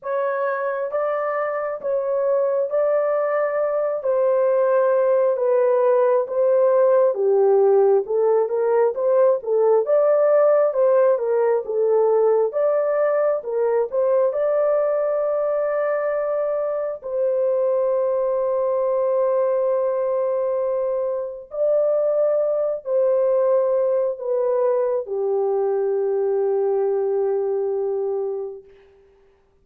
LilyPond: \new Staff \with { instrumentName = "horn" } { \time 4/4 \tempo 4 = 67 cis''4 d''4 cis''4 d''4~ | d''8 c''4. b'4 c''4 | g'4 a'8 ais'8 c''8 a'8 d''4 | c''8 ais'8 a'4 d''4 ais'8 c''8 |
d''2. c''4~ | c''1 | d''4. c''4. b'4 | g'1 | }